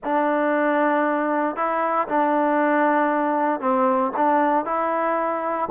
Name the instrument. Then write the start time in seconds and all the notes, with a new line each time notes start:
trombone
0.04 D4
1.56 E4
2.07 D4
3.60 C4
4.16 D4
4.65 E4